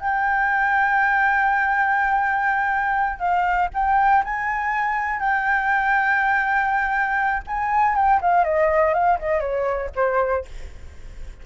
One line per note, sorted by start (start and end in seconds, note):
0.00 3.19 G5
3.19 3.69 F5
3.73 4.23 G5
4.24 5.20 G#5
5.20 7.43 G5
7.47 7.95 G#5
7.95 8.20 G5
8.21 8.44 F5
8.44 8.93 D#5
8.93 9.18 F5
9.19 9.40 D#5
9.40 9.90 C#5
9.95 10.45 C5